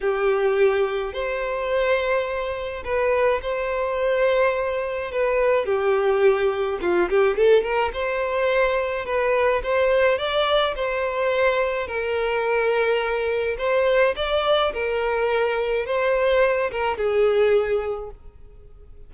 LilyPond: \new Staff \with { instrumentName = "violin" } { \time 4/4 \tempo 4 = 106 g'2 c''2~ | c''4 b'4 c''2~ | c''4 b'4 g'2 | f'8 g'8 a'8 ais'8 c''2 |
b'4 c''4 d''4 c''4~ | c''4 ais'2. | c''4 d''4 ais'2 | c''4. ais'8 gis'2 | }